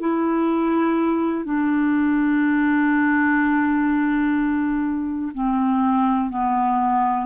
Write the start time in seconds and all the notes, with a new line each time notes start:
0.00 E4
1.45 D4
5.34 C4
6.30 B3